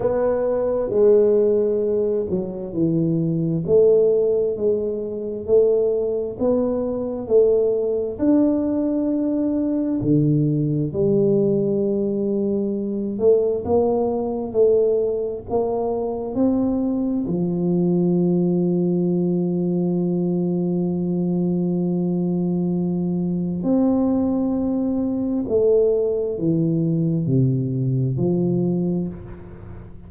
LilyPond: \new Staff \with { instrumentName = "tuba" } { \time 4/4 \tempo 4 = 66 b4 gis4. fis8 e4 | a4 gis4 a4 b4 | a4 d'2 d4 | g2~ g8 a8 ais4 |
a4 ais4 c'4 f4~ | f1~ | f2 c'2 | a4 e4 c4 f4 | }